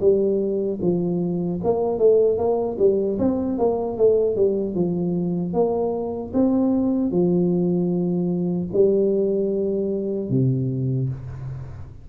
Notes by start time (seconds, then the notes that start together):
0.00 G3
0.81 F3
1.63 A#3
1.98 A3
2.37 A#3
2.78 G3
3.18 C4
3.58 A#3
3.97 A3
4.36 G3
4.74 F3
5.53 A#3
6.33 C4
7.11 F3
8.73 G3
10.30 C3